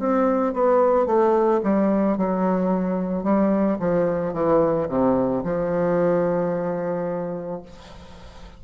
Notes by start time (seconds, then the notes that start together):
0.00 C4
0.54 B3
1.07 A3
1.64 G3
2.18 F#3
3.24 G3
3.80 F3
4.34 E3
4.89 C3
5.44 F3